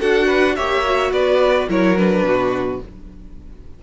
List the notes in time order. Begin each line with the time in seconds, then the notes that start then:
0.00 D4 F#4 A4 F#5
0.27 B4
0.56 A#3 G4 C#5 E5
0.85 F#4
1.11 B3 B4 D5
1.69 F#3 E4 A#4 C#5
1.97 D4 B4
2.23 B2 F#4